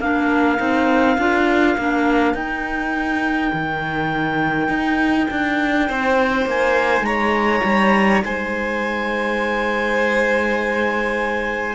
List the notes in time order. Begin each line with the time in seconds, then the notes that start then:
0.00 A#3 D4 A#4 F5
0.58 C4 D#4
1.18 D4 F4
1.78 A#3 D4
2.34 D#4 G5
3.53 D#3
4.69 D#4
5.31 D4
5.88 C4 C5
6.46 A#3 G#5
7.02 G#3 C#5 A#5
7.64 G3
8.24 G#3 C5 G#5